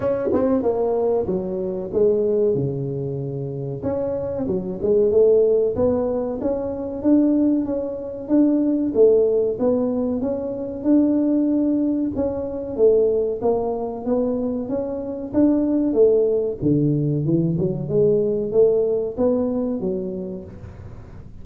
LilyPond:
\new Staff \with { instrumentName = "tuba" } { \time 4/4 \tempo 4 = 94 cis'8 c'8 ais4 fis4 gis4 | cis2 cis'4 fis8 gis8 | a4 b4 cis'4 d'4 | cis'4 d'4 a4 b4 |
cis'4 d'2 cis'4 | a4 ais4 b4 cis'4 | d'4 a4 d4 e8 fis8 | gis4 a4 b4 fis4 | }